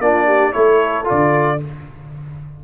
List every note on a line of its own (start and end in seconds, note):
0.00 0.53 A#3
0.00 0.54 D4
0.00 0.27 F4
0.00 0.53 D5
0.27 0.53 G4
0.53 1.09 A3
0.53 1.05 E4
0.53 1.59 A4
0.53 1.06 C#5
1.05 1.58 F4
1.05 1.63 D5
1.12 1.65 D3